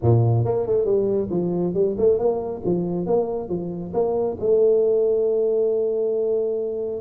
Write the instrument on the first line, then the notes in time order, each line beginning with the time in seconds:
tuba
0.01 A#2
0.45 A#3
0.66 A3
0.85 G3
1.30 F3
1.74 G3
1.97 A3
2.18 A#3
2.65 F3
3.06 A#3
3.49 F3
3.93 A#3
4.40 A3